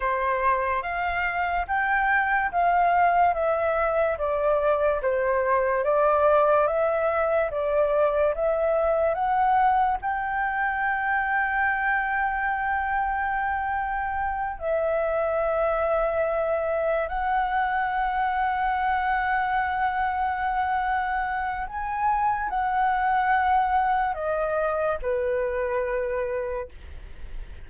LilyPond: \new Staff \with { instrumentName = "flute" } { \time 4/4 \tempo 4 = 72 c''4 f''4 g''4 f''4 | e''4 d''4 c''4 d''4 | e''4 d''4 e''4 fis''4 | g''1~ |
g''4. e''2~ e''8~ | e''8 fis''2.~ fis''8~ | fis''2 gis''4 fis''4~ | fis''4 dis''4 b'2 | }